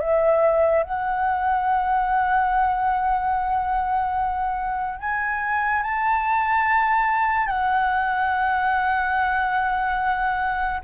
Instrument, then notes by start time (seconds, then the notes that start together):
flute
0.00 E5
0.83 F#5
4.99 G#5
5.83 A5
7.47 F#5